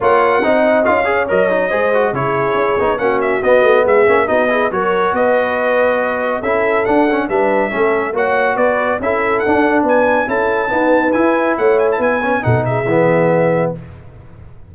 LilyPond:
<<
  \new Staff \with { instrumentName = "trumpet" } { \time 4/4 \tempo 4 = 140 fis''2 f''4 dis''4~ | dis''4 cis''2 fis''8 e''8 | dis''4 e''4 dis''4 cis''4 | dis''2. e''4 |
fis''4 e''2 fis''4 | d''4 e''4 fis''4 gis''4 | a''2 gis''4 fis''8 gis''16 a''16 | gis''4 fis''8 e''2~ e''8 | }
  \new Staff \with { instrumentName = "horn" } { \time 4/4 cis''4 dis''4. cis''4. | c''4 gis'2 fis'4~ | fis'4 gis'4 fis'8 gis'8 ais'4 | b'2. a'4~ |
a'4 b'4 a'4 cis''4 | b'4 a'2 b'4 | a'4 b'2 cis''4 | b'4 a'8 gis'2~ gis'8 | }
  \new Staff \with { instrumentName = "trombone" } { \time 4/4 f'4 dis'4 f'8 gis'8 ais'8 dis'8 | gis'8 fis'8 e'4. dis'8 cis'4 | b4. cis'8 dis'8 e'8 fis'4~ | fis'2. e'4 |
d'8 cis'8 d'4 cis'4 fis'4~ | fis'4 e'4 d'2 | e'4 b4 e'2~ | e'8 cis'8 dis'4 b2 | }
  \new Staff \with { instrumentName = "tuba" } { \time 4/4 ais4 c'4 cis'4 fis4 | gis4 cis4 cis'8 b8 ais4 | b8 a8 gis8 ais8 b4 fis4 | b2. cis'4 |
d'4 g4 a4 ais4 | b4 cis'4 d'4 b4 | cis'4 dis'4 e'4 a4 | b4 b,4 e2 | }
>>